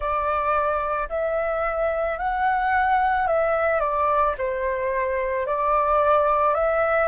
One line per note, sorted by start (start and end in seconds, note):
0.00 1.08 D5
1.09 2.18 E5
2.18 3.27 F#5
3.27 3.80 E5
3.80 4.34 D5
4.38 5.46 C5
5.46 6.54 D5
6.54 7.08 E5